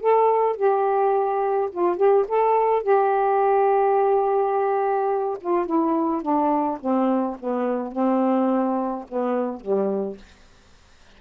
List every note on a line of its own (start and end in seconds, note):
0.00 0.56 A4
0.56 1.69 G4
1.71 1.96 F4
1.96 2.25 G4
2.27 2.83 A4
2.83 5.37 G4
5.41 5.66 F4
5.66 6.22 E4
6.22 6.78 D4
6.80 7.37 C4
7.39 7.91 B3
7.91 9.05 C4
9.08 9.60 B3
9.60 10.17 G3